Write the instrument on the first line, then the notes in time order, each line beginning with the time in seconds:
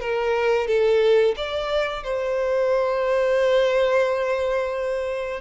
violin
0.00 A#4
0.67 A4
1.36 D5
2.03 C5